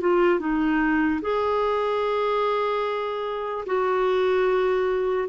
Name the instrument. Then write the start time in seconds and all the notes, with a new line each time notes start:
clarinet
0.00 F4
0.39 D#4
1.22 G#4
3.66 F#4